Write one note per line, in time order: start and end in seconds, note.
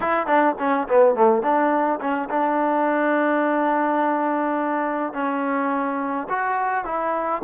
0.00 0.26 E4
0.26 0.55 D4
0.58 0.87 C#4
0.88 1.15 B3
1.15 1.42 A3
1.42 1.99 D4
2.00 2.29 C#4
2.29 5.13 D4
5.13 6.27 C#4
6.29 6.84 F#4
6.84 7.42 E4